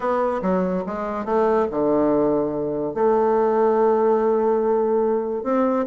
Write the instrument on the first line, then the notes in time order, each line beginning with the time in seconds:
bassoon
0.00 B3
0.42 F#3
0.86 G#3
1.25 A3
1.71 D3
2.94 A3
5.43 C4